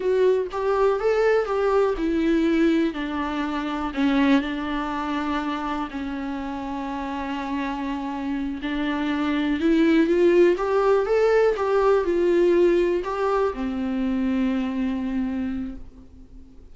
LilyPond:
\new Staff \with { instrumentName = "viola" } { \time 4/4 \tempo 4 = 122 fis'4 g'4 a'4 g'4 | e'2 d'2 | cis'4 d'2. | cis'1~ |
cis'4. d'2 e'8~ | e'8 f'4 g'4 a'4 g'8~ | g'8 f'2 g'4 c'8~ | c'1 | }